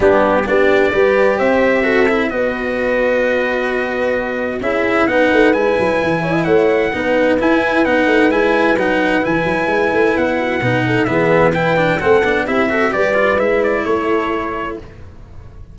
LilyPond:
<<
  \new Staff \with { instrumentName = "trumpet" } { \time 4/4 \tempo 4 = 130 g'4 d''2 e''4~ | e''4 dis''2.~ | dis''2 e''4 fis''4 | gis''2 fis''2 |
gis''4 fis''4 gis''4 fis''4 | gis''2 fis''2 | e''4 g''4 fis''4 e''4 | d''4 e''8 d''8 cis''2 | }
  \new Staff \with { instrumentName = "horn" } { \time 4/4 d'4 g'4 b'4 c''4 | a'4 b'2.~ | b'2 gis'4 b'4~ | b'4. cis''16 dis''16 cis''4 b'4~ |
b'1~ | b'2~ b'8 fis'8 b'8 a'8 | gis'4 b'4 a'4 g'8 a'8 | b'2 a'2 | }
  \new Staff \with { instrumentName = "cello" } { \time 4/4 b4 d'4 g'2 | fis'8 e'8 fis'2.~ | fis'2 e'4 dis'4 | e'2. dis'4 |
e'4 dis'4 e'4 dis'4 | e'2. dis'4 | b4 e'8 d'8 c'8 d'8 e'8 fis'8 | g'8 f'8 e'2. | }
  \new Staff \with { instrumentName = "tuba" } { \time 4/4 g4 b4 g4 c'4~ | c'4 b2.~ | b2 cis'4 b8 a8 | gis8 fis8 e4 a4 b4 |
e'4 b8 a8 gis4 fis4 | e8 fis8 gis8 a8 b4 b,4 | e2 a8 b8 c'4 | g4 gis4 a2 | }
>>